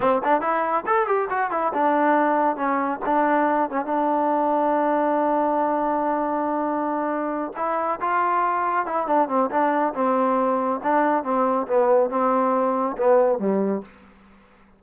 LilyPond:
\new Staff \with { instrumentName = "trombone" } { \time 4/4 \tempo 4 = 139 c'8 d'8 e'4 a'8 g'8 fis'8 e'8 | d'2 cis'4 d'4~ | d'8 cis'8 d'2.~ | d'1~ |
d'4. e'4 f'4.~ | f'8 e'8 d'8 c'8 d'4 c'4~ | c'4 d'4 c'4 b4 | c'2 b4 g4 | }